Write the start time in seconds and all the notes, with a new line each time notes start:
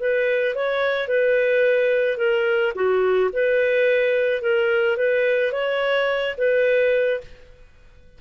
0.00 B4
0.55 C#5
1.08 B4
2.18 A#4
2.75 F#4
3.33 B4
4.42 A#4
4.97 B4
5.53 C#5
6.38 B4